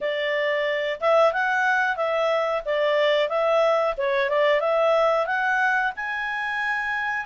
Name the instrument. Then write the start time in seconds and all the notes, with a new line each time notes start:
clarinet
0.01 D5
1.00 E5
1.32 F#5
1.96 E5
2.65 D5
3.28 E5
3.97 C#5
4.29 D5
4.60 E5
5.26 F#5
5.96 G#5